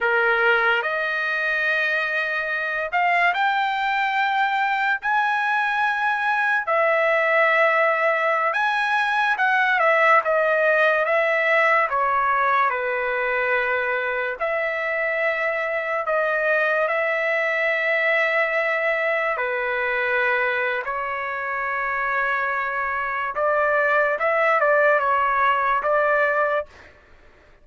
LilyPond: \new Staff \with { instrumentName = "trumpet" } { \time 4/4 \tempo 4 = 72 ais'4 dis''2~ dis''8 f''8 | g''2 gis''2 | e''2~ e''16 gis''4 fis''8 e''16~ | e''16 dis''4 e''4 cis''4 b'8.~ |
b'4~ b'16 e''2 dis''8.~ | dis''16 e''2. b'8.~ | b'4 cis''2. | d''4 e''8 d''8 cis''4 d''4 | }